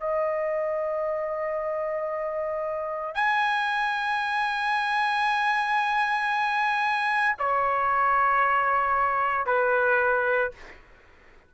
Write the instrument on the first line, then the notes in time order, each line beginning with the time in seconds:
trumpet
0.00 D#5
3.15 G#5
7.39 C#5
9.47 B4